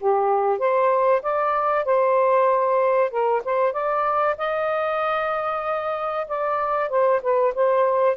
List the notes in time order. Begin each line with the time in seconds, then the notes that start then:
0.00 G4
0.59 C5
1.22 D5
1.85 C5
3.11 A#4
3.44 C5
3.73 D5
4.38 D#5
6.28 D5
6.89 C5
7.22 B4
7.55 C5